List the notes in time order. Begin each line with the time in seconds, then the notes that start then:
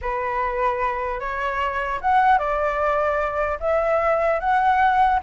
0.01 B4
1.20 C#5
2.01 F#5
2.38 D5
3.60 E5
4.39 F#5